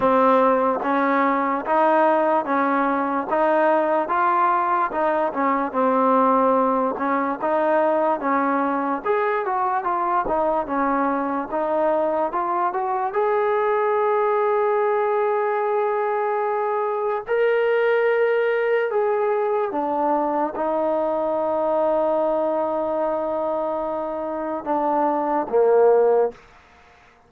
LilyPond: \new Staff \with { instrumentName = "trombone" } { \time 4/4 \tempo 4 = 73 c'4 cis'4 dis'4 cis'4 | dis'4 f'4 dis'8 cis'8 c'4~ | c'8 cis'8 dis'4 cis'4 gis'8 fis'8 | f'8 dis'8 cis'4 dis'4 f'8 fis'8 |
gis'1~ | gis'4 ais'2 gis'4 | d'4 dis'2.~ | dis'2 d'4 ais4 | }